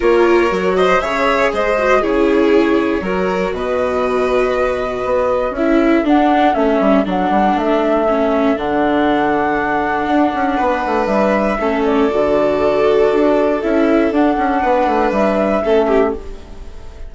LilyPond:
<<
  \new Staff \with { instrumentName = "flute" } { \time 4/4 \tempo 4 = 119 cis''4. dis''8 e''4 dis''4 | cis''2. dis''4~ | dis''2. e''4 | fis''4 e''4 fis''4 e''4~ |
e''4 fis''2.~ | fis''2 e''4. d''8~ | d''2. e''4 | fis''2 e''2 | }
  \new Staff \with { instrumentName = "violin" } { \time 4/4 ais'4. c''8 cis''4 c''4 | gis'2 ais'4 b'4~ | b'2. a'4~ | a'1~ |
a'1~ | a'4 b'2 a'4~ | a'1~ | a'4 b'2 a'8 g'8 | }
  \new Staff \with { instrumentName = "viola" } { \time 4/4 f'4 fis'4 gis'4. fis'8 | e'2 fis'2~ | fis'2. e'4 | d'4 cis'4 d'2 |
cis'4 d'2.~ | d'2. cis'4 | fis'2. e'4 | d'2. cis'4 | }
  \new Staff \with { instrumentName = "bassoon" } { \time 4/4 ais4 fis4 cis4 gis4 | cis2 fis4 b,4~ | b,2 b4 cis'4 | d'4 a8 g8 fis8 g8 a4~ |
a4 d2. | d'8 cis'8 b8 a8 g4 a4 | d2 d'4 cis'4 | d'8 cis'8 b8 a8 g4 a4 | }
>>